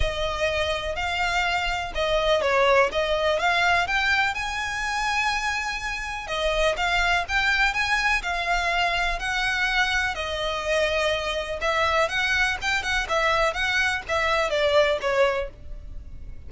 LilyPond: \new Staff \with { instrumentName = "violin" } { \time 4/4 \tempo 4 = 124 dis''2 f''2 | dis''4 cis''4 dis''4 f''4 | g''4 gis''2.~ | gis''4 dis''4 f''4 g''4 |
gis''4 f''2 fis''4~ | fis''4 dis''2. | e''4 fis''4 g''8 fis''8 e''4 | fis''4 e''4 d''4 cis''4 | }